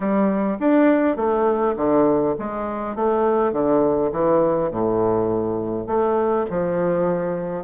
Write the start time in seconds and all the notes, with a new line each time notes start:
0.00 G3
0.59 D4
1.16 A3
1.76 D3
2.38 G#3
2.95 A3
3.52 D3
4.11 E3
4.70 A2
5.86 A3
6.49 F3